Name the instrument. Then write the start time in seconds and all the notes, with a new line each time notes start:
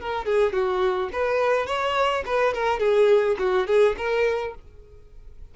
violin
0.00 A#4
0.25 G#4
0.52 F#4
1.12 B4
1.66 C#5
2.26 B4
2.54 A#4
2.79 G#4
3.38 F#4
3.67 G#4
3.97 A#4